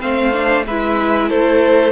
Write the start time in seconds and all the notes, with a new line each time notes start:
0.00 A3 C4 C5 F5
0.33 D4
0.67 G#3 E4 B4 E5
1.29 A3 A4 C5